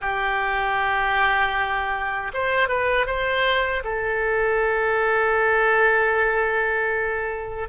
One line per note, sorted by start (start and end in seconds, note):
0.01 2.31 G4
2.33 2.68 C5
2.68 3.06 B4
3.06 3.83 C5
3.84 7.68 A4